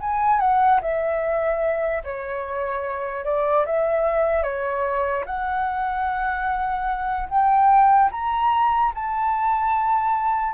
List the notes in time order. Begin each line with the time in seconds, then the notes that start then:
0.00 G#5
0.39 F#5
0.81 E5
2.03 C#5
3.24 D5
3.66 E5
4.43 C#5
5.26 F#5
7.29 G5
8.11 A#5
8.94 A5